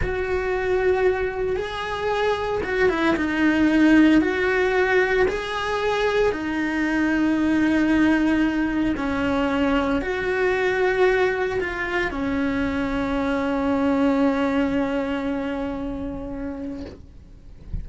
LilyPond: \new Staff \with { instrumentName = "cello" } { \time 4/4 \tempo 4 = 114 fis'2. gis'4~ | gis'4 fis'8 e'8 dis'2 | fis'2 gis'2 | dis'1~ |
dis'4 cis'2 fis'4~ | fis'2 f'4 cis'4~ | cis'1~ | cis'1 | }